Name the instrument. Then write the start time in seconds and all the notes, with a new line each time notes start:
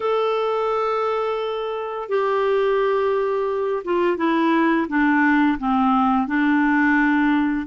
clarinet
0.00 A4
2.08 G4
3.84 F4
4.17 E4
4.88 D4
5.58 C4
6.27 D4